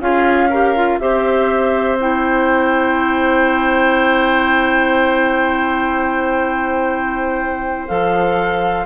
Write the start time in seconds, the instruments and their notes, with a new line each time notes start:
0.00 bassoon C#4, clarinet F4, oboe G#4, flute F5
0.50 clarinet G4, oboe A#4
0.76 clarinet F4
0.99 bassoon C4, clarinet G4, oboe C5, flute E5
1.99 clarinet E4, flute G5
7.88 bassoon F3, clarinet A4, flute F5